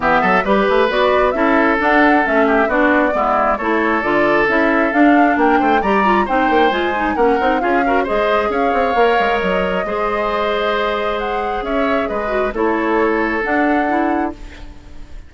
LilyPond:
<<
  \new Staff \with { instrumentName = "flute" } { \time 4/4 \tempo 4 = 134 e''4 b'4 d''4 e''4 | fis''4 e''4 d''2 | cis''4 d''4 e''4 f''4 | g''4 ais''4 g''4 gis''4 |
fis''4 f''4 dis''4 f''4~ | f''4 dis''2.~ | dis''4 fis''4 e''4 dis''4 | cis''2 fis''2 | }
  \new Staff \with { instrumentName = "oboe" } { \time 4/4 g'8 a'8 b'2 a'4~ | a'4. g'8 fis'4 e'4 | a'1 | ais'8 c''8 d''4 c''2 |
ais'4 gis'8 ais'8 c''4 cis''4~ | cis''2 c''2~ | c''2 cis''4 b'4 | a'1 | }
  \new Staff \with { instrumentName = "clarinet" } { \time 4/4 b4 g'4 fis'4 e'4 | d'4 cis'4 d'4 b4 | e'4 f'4 e'4 d'4~ | d'4 g'8 f'8 dis'4 f'8 dis'8 |
cis'8 dis'8 f'8 fis'8 gis'2 | ais'2 gis'2~ | gis'2.~ gis'8 fis'8 | e'2 d'4 e'4 | }
  \new Staff \with { instrumentName = "bassoon" } { \time 4/4 e8 fis8 g8 a8 b4 cis'4 | d'4 a4 b4 gis4 | a4 d4 cis'4 d'4 | ais8 a8 g4 c'8 ais8 gis4 |
ais8 c'8 cis'4 gis4 cis'8 c'8 | ais8 gis8 fis4 gis2~ | gis2 cis'4 gis4 | a2 d'2 | }
>>